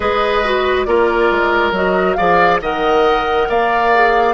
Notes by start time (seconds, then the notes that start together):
0.00 G#3 G#4 B4 D#5
0.43 F#4
0.84 A#3 F4 A#4 D5
1.30 G#3
1.71 F#3 F#4 D#5
2.13 F3 G#4 D5 F5
2.61 D#3 A#4 D#5 F#5
3.49 A#3 D5 F5
3.94 G#4